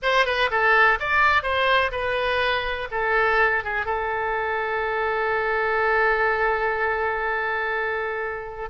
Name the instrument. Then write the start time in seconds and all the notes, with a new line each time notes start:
oboe
0.02 C5
0.25 B4
0.50 A4
0.99 D5
1.43 C5
1.91 B4
2.91 A4
3.63 G#4
3.85 A4